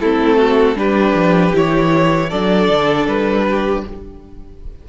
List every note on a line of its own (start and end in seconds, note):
0.00 0.75 A3
0.00 0.75 C4
0.00 0.37 E4
0.00 0.77 A4
0.37 0.76 F#4
0.75 1.13 G3
0.75 1.52 D4
0.75 2.29 G4
0.75 1.55 B4
1.14 1.52 F3
1.53 2.31 E3
1.53 2.30 E4
1.53 2.29 C#5
2.29 2.69 F#3
2.29 3.85 D4
2.29 3.45 A4
2.29 3.06 D5
2.69 3.06 D3
3.06 3.83 G3
3.06 3.84 B4
3.50 3.88 G4